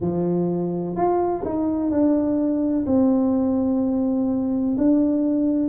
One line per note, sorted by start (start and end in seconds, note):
0.00 0.95 F3
0.95 1.43 F4
1.45 1.90 D#4
1.90 2.85 D4
2.86 4.77 C4
4.77 5.68 D4